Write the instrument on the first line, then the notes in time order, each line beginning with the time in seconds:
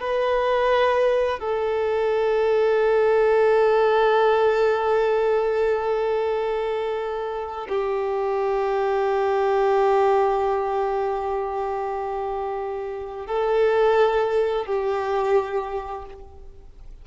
violin
0.00 B4
1.39 A4
7.68 G4
13.27 A4
14.66 G4